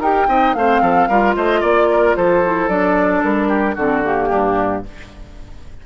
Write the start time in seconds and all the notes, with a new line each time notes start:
0.00 D#4 G4 A#4 G5
0.28 C4 D#4 D#5
0.54 A3 C4 C5 F5
0.82 F3 A4
1.09 G3 F4 A#4
1.36 A3 C5 D#5
1.61 A#3 D5
1.91 A#4
2.16 F3 A4 C5
2.44 E4
2.69 F#3 D4 D5
3.23 G3 A#4
3.49 G4
3.75 D3 C4 F#4 A4
4.03 A#3 G4
4.29 G2 D4